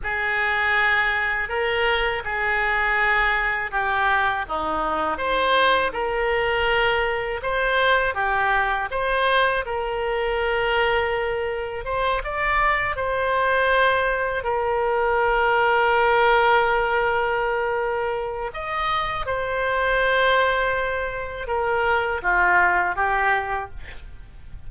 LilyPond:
\new Staff \with { instrumentName = "oboe" } { \time 4/4 \tempo 4 = 81 gis'2 ais'4 gis'4~ | gis'4 g'4 dis'4 c''4 | ais'2 c''4 g'4 | c''4 ais'2. |
c''8 d''4 c''2 ais'8~ | ais'1~ | ais'4 dis''4 c''2~ | c''4 ais'4 f'4 g'4 | }